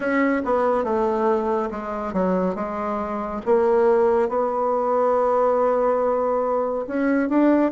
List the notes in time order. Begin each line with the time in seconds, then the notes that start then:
0.00 C#4
0.44 B3
0.84 A3
1.70 G#3
2.13 F#3
2.55 G#3
3.45 A#3
4.29 B3
6.86 C#4
7.29 D4